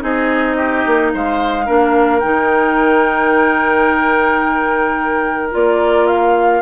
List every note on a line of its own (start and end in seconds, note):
0.00 0.86 C4
0.00 1.65 D#4
0.00 0.57 G#4
0.00 1.13 D#5
0.57 1.12 G4
0.86 1.14 A#3
1.14 1.69 G#3
1.14 1.66 C5
1.14 2.19 F5
1.66 2.23 A#3
1.66 2.21 D4
1.66 6.61 A#4
2.19 5.54 D#3
2.19 5.51 D#4
2.19 5.50 G5
5.51 6.62 A#3
5.51 6.62 F4
5.51 6.07 D5
6.07 6.62 F5